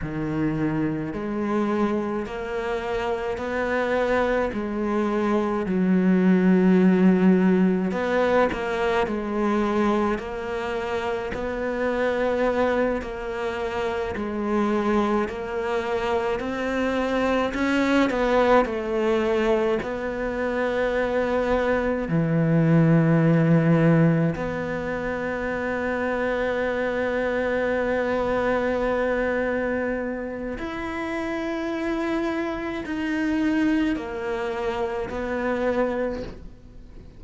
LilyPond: \new Staff \with { instrumentName = "cello" } { \time 4/4 \tempo 4 = 53 dis4 gis4 ais4 b4 | gis4 fis2 b8 ais8 | gis4 ais4 b4. ais8~ | ais8 gis4 ais4 c'4 cis'8 |
b8 a4 b2 e8~ | e4. b2~ b8~ | b2. e'4~ | e'4 dis'4 ais4 b4 | }